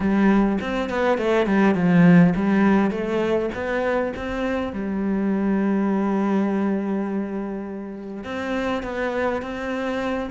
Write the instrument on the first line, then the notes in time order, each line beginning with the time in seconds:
cello
0.00 G3
0.60 C4
0.89 B3
1.18 A3
1.46 G3
1.74 F3
2.35 G3
2.90 A3
3.54 B3
4.16 C4
4.72 G3
8.24 C4
8.83 B3
9.41 C4